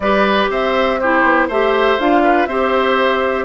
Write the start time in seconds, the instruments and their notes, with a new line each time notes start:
0.00 bassoon G3, clarinet G4, oboe B4, flute D5
0.50 bassoon C4, oboe C5, flute E5
0.99 clarinet E4, oboe G4, flute C5
1.23 bassoon B3
1.48 bassoon A3, clarinet G4, oboe C5, flute E5
1.98 bassoon D4, clarinet F4, flute F5
2.23 oboe B4
2.46 bassoon C4, clarinet G4, oboe C5, flute E5